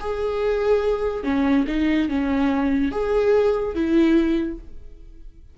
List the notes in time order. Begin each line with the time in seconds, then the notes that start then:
0.00 G#4
1.24 C#4
1.67 D#4
2.09 C#4
2.92 G#4
3.75 E4